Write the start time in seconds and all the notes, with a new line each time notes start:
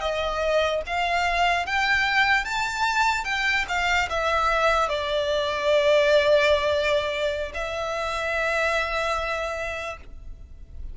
0.00 D#5
0.86 F5
1.66 G5
2.45 A5
3.24 G5
3.68 F5
4.09 E5
4.88 D5
7.54 E5